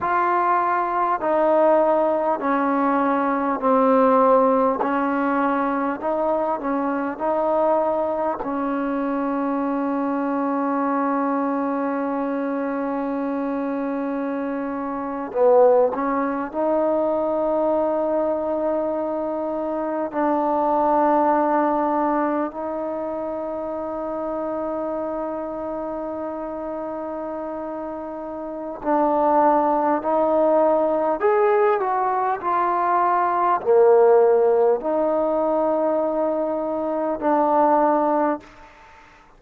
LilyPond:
\new Staff \with { instrumentName = "trombone" } { \time 4/4 \tempo 4 = 50 f'4 dis'4 cis'4 c'4 | cis'4 dis'8 cis'8 dis'4 cis'4~ | cis'1~ | cis'8. b8 cis'8 dis'2~ dis'16~ |
dis'8. d'2 dis'4~ dis'16~ | dis'1 | d'4 dis'4 gis'8 fis'8 f'4 | ais4 dis'2 d'4 | }